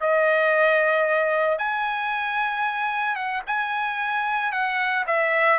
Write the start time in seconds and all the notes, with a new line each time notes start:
0.00 D#5
1.58 G#5
3.15 F#5
3.47 G#5
4.52 F#5
5.07 E5